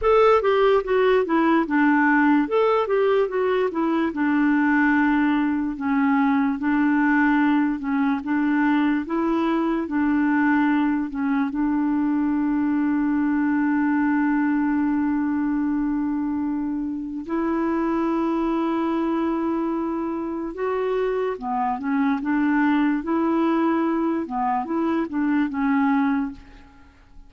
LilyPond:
\new Staff \with { instrumentName = "clarinet" } { \time 4/4 \tempo 4 = 73 a'8 g'8 fis'8 e'8 d'4 a'8 g'8 | fis'8 e'8 d'2 cis'4 | d'4. cis'8 d'4 e'4 | d'4. cis'8 d'2~ |
d'1~ | d'4 e'2.~ | e'4 fis'4 b8 cis'8 d'4 | e'4. b8 e'8 d'8 cis'4 | }